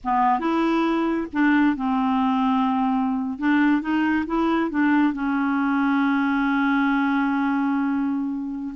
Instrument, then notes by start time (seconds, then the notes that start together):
clarinet
0.04 B3
0.39 E4
1.32 D4
1.76 C4
3.38 D4
3.81 D#4
4.26 E4
4.70 D4
5.13 C#4